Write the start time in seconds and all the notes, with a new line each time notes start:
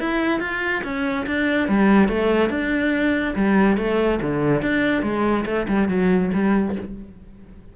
0.00 E4
0.40 F4
0.84 C#4
1.27 D4
1.69 G3
2.09 A3
2.50 D4
3.36 G3
3.78 A3
4.22 D3
4.62 D4
5.03 G#3
5.46 A3
5.69 G3
5.89 F#3
6.34 G3